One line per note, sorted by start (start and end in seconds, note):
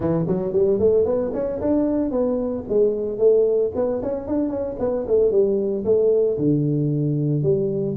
0.00 0.25 E3
0.27 0.52 F#3
0.52 0.79 G3
0.79 1.05 A3
1.05 1.31 B3
1.33 1.60 C#4
1.60 2.10 D4
2.10 2.64 B3
2.68 3.18 G#3
3.18 3.71 A3
3.75 4.01 B3
4.02 4.27 C#4
4.27 4.49 D4
4.49 4.75 C#4
4.79 5.06 B3
5.07 5.31 A3
5.31 5.84 G3
5.84 6.37 A3
6.38 7.42 D3
7.42 7.95 G3